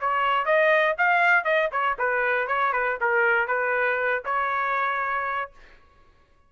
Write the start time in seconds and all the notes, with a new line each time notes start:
0.00 C#5
0.45 D#5
0.98 F5
1.44 D#5
1.72 C#5
1.98 B4
2.48 C#5
2.73 B4
3.00 A#4
3.47 B4
4.25 C#5